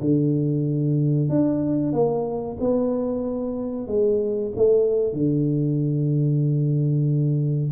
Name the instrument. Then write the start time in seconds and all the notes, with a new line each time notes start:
tuba
0.00 D3
1.29 D4
1.92 A#3
2.60 B3
3.87 G#3
4.55 A3
5.13 D3